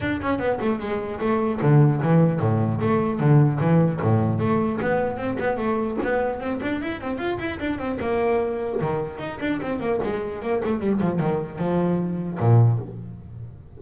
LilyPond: \new Staff \with { instrumentName = "double bass" } { \time 4/4 \tempo 4 = 150 d'8 cis'8 b8 a8 gis4 a4 | d4 e4 a,4 a4 | d4 e4 a,4 a4 | b4 c'8 b8 a4 b4 |
c'8 d'8 e'8 c'8 f'8 e'8 d'8 c'8 | ais2 dis4 dis'8 d'8 | c'8 ais8 gis4 ais8 a8 g8 f8 | dis4 f2 ais,4 | }